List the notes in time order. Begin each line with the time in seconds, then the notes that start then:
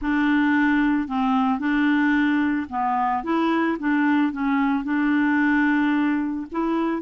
0.01 D4
1.07 C4
1.59 D4
2.69 B3
3.23 E4
3.79 D4
4.32 C#4
4.84 D4
6.51 E4